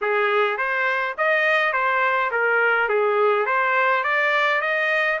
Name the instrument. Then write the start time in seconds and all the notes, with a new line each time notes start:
trumpet
0.01 G#4
0.57 C5
1.17 D#5
1.73 C5
2.31 A#4
2.88 G#4
3.46 C5
4.03 D5
4.61 D#5